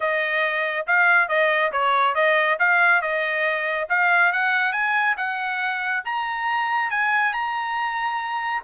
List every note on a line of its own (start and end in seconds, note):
0.00 0.86 D#5
0.86 1.28 F5
1.28 1.71 D#5
1.71 2.14 C#5
2.14 2.58 D#5
2.59 3.01 F5
3.01 3.88 D#5
3.89 4.32 F5
4.32 4.72 F#5
4.72 5.15 G#5
5.17 6.03 F#5
6.04 6.90 A#5
6.90 7.33 G#5
7.33 8.62 A#5